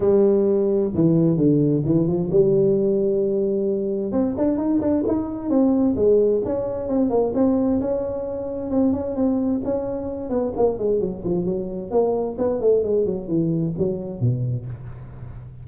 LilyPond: \new Staff \with { instrumentName = "tuba" } { \time 4/4 \tempo 4 = 131 g2 e4 d4 | e8 f8 g2.~ | g4 c'8 d'8 dis'8 d'8 dis'4 | c'4 gis4 cis'4 c'8 ais8 |
c'4 cis'2 c'8 cis'8 | c'4 cis'4. b8 ais8 gis8 | fis8 f8 fis4 ais4 b8 a8 | gis8 fis8 e4 fis4 b,4 | }